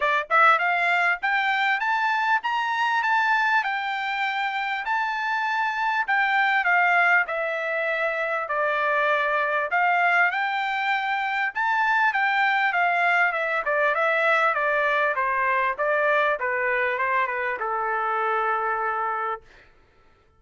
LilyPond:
\new Staff \with { instrumentName = "trumpet" } { \time 4/4 \tempo 4 = 99 d''8 e''8 f''4 g''4 a''4 | ais''4 a''4 g''2 | a''2 g''4 f''4 | e''2 d''2 |
f''4 g''2 a''4 | g''4 f''4 e''8 d''8 e''4 | d''4 c''4 d''4 b'4 | c''8 b'8 a'2. | }